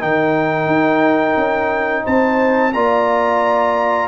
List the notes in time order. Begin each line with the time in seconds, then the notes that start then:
0.00 D#3 D#4 A#4 G5
0.67 D#4
1.37 C#4
2.04 C4 C5 A5
2.73 A#3 F4 D5 A#5